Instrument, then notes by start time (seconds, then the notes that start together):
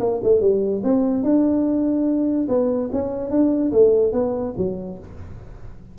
tuba
0.00 A#3
0.23 A3
0.41 G3
0.84 C4
1.23 D4
2.48 B3
2.92 C#4
3.30 D4
3.72 A3
4.13 B3
4.57 F#3